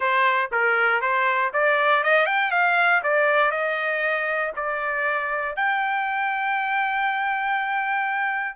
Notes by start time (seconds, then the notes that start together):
0.00 C5
0.51 A#4
1.01 C5
1.53 D5
2.03 D#5
2.26 G5
2.51 F5
3.03 D5
3.51 D#5
4.55 D5
5.56 G5